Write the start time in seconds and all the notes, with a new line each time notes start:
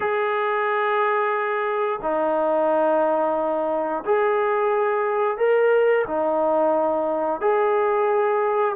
0.00 G#4
2.02 D#4
4.05 G#4
5.37 A#4
6.07 D#4
7.40 G#4